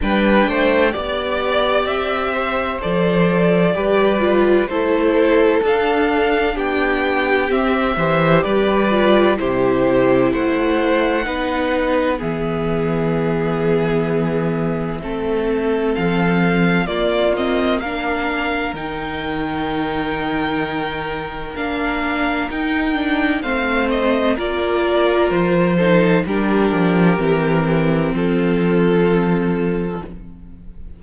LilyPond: <<
  \new Staff \with { instrumentName = "violin" } { \time 4/4 \tempo 4 = 64 g''4 d''4 e''4 d''4~ | d''4 c''4 f''4 g''4 | e''4 d''4 c''4 fis''4~ | fis''4 e''2.~ |
e''4 f''4 d''8 dis''8 f''4 | g''2. f''4 | g''4 f''8 dis''8 d''4 c''4 | ais'2 a'2 | }
  \new Staff \with { instrumentName = "violin" } { \time 4/4 b'8 c''8 d''4. c''4. | b'4 a'2 g'4~ | g'8 c''8 b'4 g'4 c''4 | b'4 gis'2. |
a'2 f'4 ais'4~ | ais'1~ | ais'4 c''4 ais'4. a'8 | g'2 f'2 | }
  \new Staff \with { instrumentName = "viola" } { \time 4/4 d'4 g'2 a'4 | g'8 f'8 e'4 d'2 | c'8 g'4 f'8 e'2 | dis'4 b2. |
c'2 ais8 c'8 d'4 | dis'2. d'4 | dis'8 d'8 c'4 f'4. dis'8 | d'4 c'2. | }
  \new Staff \with { instrumentName = "cello" } { \time 4/4 g8 a8 b4 c'4 f4 | g4 a4 d'4 b4 | c'8 e8 g4 c4 a4 | b4 e2. |
a4 f4 ais2 | dis2. ais4 | dis'4 a4 ais4 f4 | g8 f8 e4 f2 | }
>>